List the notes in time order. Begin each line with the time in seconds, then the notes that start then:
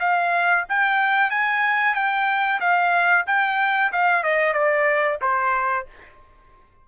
0.00 F5
0.69 G5
1.30 G#5
1.95 G5
2.61 F5
3.27 G5
3.93 F5
4.24 D#5
4.54 D5
5.22 C5